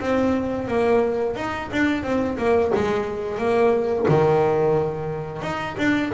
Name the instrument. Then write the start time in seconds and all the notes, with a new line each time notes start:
double bass
0.00 C4
0.68 A#3
1.36 D#4
1.72 D4
2.03 C4
2.38 A#3
2.75 G#3
3.38 A#3
4.09 D#3
5.42 D#4
5.78 D4